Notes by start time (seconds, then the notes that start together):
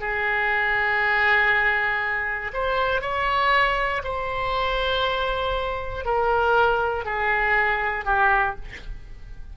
0.00 G#4
2.54 C5
3.02 C#5
4.04 C5
6.05 A#4
7.05 G#4
8.05 G4